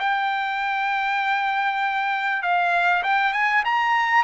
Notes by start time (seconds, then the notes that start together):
0.00 G5
2.42 F5
3.04 G5
3.34 G#5
3.65 A#5